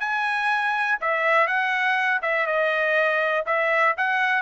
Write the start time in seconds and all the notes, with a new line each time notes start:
0.00 G#5
1.01 E5
1.47 F#5
2.22 E5
2.47 D#5
3.46 E5
3.97 F#5